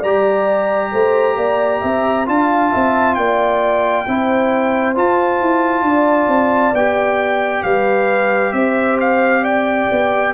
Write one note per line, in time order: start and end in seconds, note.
0.00 0.93 G3
0.00 2.26 G4
0.00 0.90 D5
0.00 2.28 A#5
0.92 1.37 A3
0.92 1.37 C5
1.37 1.82 A#3
1.37 1.81 D5
1.81 2.28 C4
1.81 2.26 E5
2.26 2.73 D4
2.26 4.05 F4
2.26 2.72 F5
2.26 3.15 A5
2.72 3.17 C4
2.72 3.17 E5
3.15 4.07 A#3
3.15 4.08 D5
3.15 4.94 G5
4.08 4.97 C4
4.08 4.96 E4
4.08 5.86 C5
4.96 6.75 F4
4.96 5.41 F4
4.96 6.75 A5
5.41 5.82 E4
5.82 6.27 D4
5.82 7.64 D5
6.28 6.73 C4
6.74 7.63 B3
6.74 10.35 G4
6.74 7.63 G5
7.63 8.53 G3
7.63 8.54 B4
7.63 8.53 F5
8.53 9.87 C4
8.53 9.43 C5
8.53 8.98 E5
9.01 9.45 F5
9.43 10.32 D5
9.43 10.34 G5
9.91 10.35 B3